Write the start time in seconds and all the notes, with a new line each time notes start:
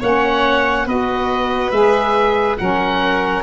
0.00 A#3 C#4 C#5 F#5
0.86 B3 F#4 B4 D#5
1.71 G#3 G#4 E5
2.57 F#3 C#4 A#4 F#5